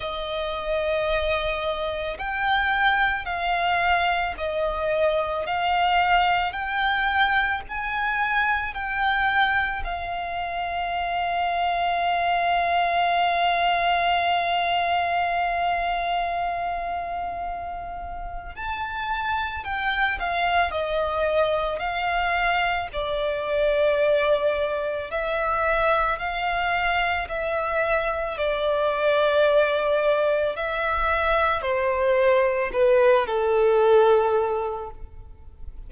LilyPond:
\new Staff \with { instrumentName = "violin" } { \time 4/4 \tempo 4 = 55 dis''2 g''4 f''4 | dis''4 f''4 g''4 gis''4 | g''4 f''2.~ | f''1~ |
f''4 a''4 g''8 f''8 dis''4 | f''4 d''2 e''4 | f''4 e''4 d''2 | e''4 c''4 b'8 a'4. | }